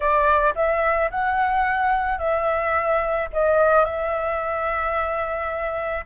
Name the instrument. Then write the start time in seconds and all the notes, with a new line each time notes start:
flute
0.00 D5
0.55 E5
1.10 F#5
2.18 E5
3.33 D#5
3.85 E5